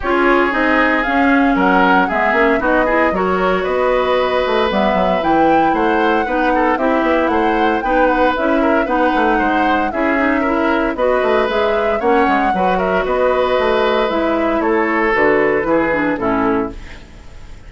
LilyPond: <<
  \new Staff \with { instrumentName = "flute" } { \time 4/4 \tempo 4 = 115 cis''4 dis''4 f''4 fis''4 | e''4 dis''4 cis''4 dis''4~ | dis''4 e''4 g''4 fis''4~ | fis''4 e''4 fis''4 g''8 fis''8 |
e''4 fis''2 e''4~ | e''4 dis''4 e''4 fis''4~ | fis''8 e''8 dis''2 e''4 | cis''4 b'2 a'4 | }
  \new Staff \with { instrumentName = "oboe" } { \time 4/4 gis'2. ais'4 | gis'4 fis'8 gis'8 ais'4 b'4~ | b'2. c''4 | b'8 a'8 g'4 c''4 b'4~ |
b'8 ais'8 b'4 c''4 gis'4 | ais'4 b'2 cis''4 | b'8 ais'8 b'2. | a'2 gis'4 e'4 | }
  \new Staff \with { instrumentName = "clarinet" } { \time 4/4 f'4 dis'4 cis'2 | b8 cis'8 dis'8 e'8 fis'2~ | fis'4 b4 e'2 | dis'4 e'2 dis'4 |
e'4 dis'2 e'8 dis'8 | e'4 fis'4 gis'4 cis'4 | fis'2. e'4~ | e'4 fis'4 e'8 d'8 cis'4 | }
  \new Staff \with { instrumentName = "bassoon" } { \time 4/4 cis'4 c'4 cis'4 fis4 | gis8 ais8 b4 fis4 b4~ | b8 a8 g8 fis8 e4 a4 | b4 c'8 b8 a4 b4 |
cis'4 b8 a8 gis4 cis'4~ | cis'4 b8 a8 gis4 ais8 gis8 | fis4 b4 a4 gis4 | a4 d4 e4 a,4 | }
>>